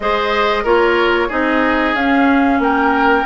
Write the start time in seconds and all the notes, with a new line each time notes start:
0.00 G#3 G#4 C5 D#5
0.63 A#3 F4 A#4 C#5
1.28 C4 D#4 G#4 D#5
1.93 C#4 F5
2.59 A#3 A#4 G5